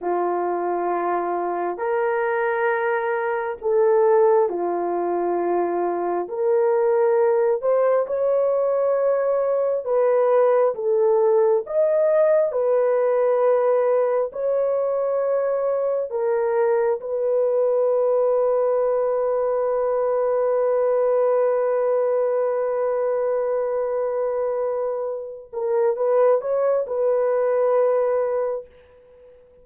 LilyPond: \new Staff \with { instrumentName = "horn" } { \time 4/4 \tempo 4 = 67 f'2 ais'2 | a'4 f'2 ais'4~ | ais'8 c''8 cis''2 b'4 | a'4 dis''4 b'2 |
cis''2 ais'4 b'4~ | b'1~ | b'1~ | b'8 ais'8 b'8 cis''8 b'2 | }